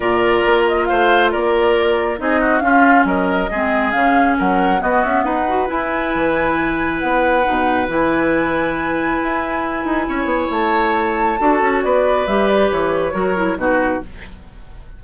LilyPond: <<
  \new Staff \with { instrumentName = "flute" } { \time 4/4 \tempo 4 = 137 d''4. dis''8 f''4 d''4~ | d''4 dis''4 f''4 dis''4~ | dis''4 f''4 fis''4 dis''8 e''8 | fis''4 gis''2. |
fis''2 gis''2~ | gis''1 | a''2. d''4 | e''8 d''8 cis''2 b'4 | }
  \new Staff \with { instrumentName = "oboe" } { \time 4/4 ais'2 c''4 ais'4~ | ais'4 gis'8 fis'8 f'4 ais'4 | gis'2 ais'4 fis'4 | b'1~ |
b'1~ | b'2. cis''4~ | cis''2 a'4 b'4~ | b'2 ais'4 fis'4 | }
  \new Staff \with { instrumentName = "clarinet" } { \time 4/4 f'1~ | f'4 dis'4 cis'2 | c'4 cis'2 b4~ | b8 fis'8 e'2.~ |
e'4 dis'4 e'2~ | e'1~ | e'2 fis'2 | g'2 fis'8 e'8 dis'4 | }
  \new Staff \with { instrumentName = "bassoon" } { \time 4/4 ais,4 ais4 a4 ais4~ | ais4 c'4 cis'4 fis4 | gis4 cis4 fis4 b8 cis'8 | dis'4 e'4 e2 |
b4 b,4 e2~ | e4 e'4. dis'8 cis'8 b8 | a2 d'8 cis'8 b4 | g4 e4 fis4 b,4 | }
>>